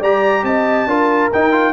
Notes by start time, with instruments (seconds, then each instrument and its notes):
0.00 tuba G3, trombone G4, horn D5, trumpet A#5
0.43 tuba C4, horn D#5, trumpet A5
0.86 tuba D4, trombone F4, horn A#4
1.32 trombone D#4, tuba D#4, trumpet G5
1.51 trombone F4